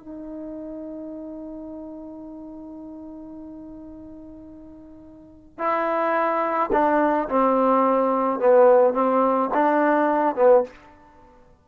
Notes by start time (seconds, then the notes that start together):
0.00 D#4
5.59 E4
6.73 D4
7.29 C4
8.40 B3
8.94 C4
9.54 D4
10.36 B3